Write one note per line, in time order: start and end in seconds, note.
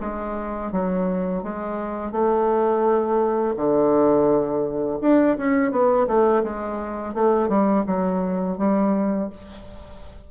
0.00 0.71 G#3
0.71 1.43 F#3
1.43 2.12 G#3
2.12 3.55 A3
3.56 4.99 D3
5.01 5.37 D4
5.37 5.71 C#4
5.71 6.07 B3
6.07 6.43 A3
6.43 7.14 G#3
7.14 7.48 A3
7.48 7.84 G3
7.86 8.57 F#3
8.57 9.29 G3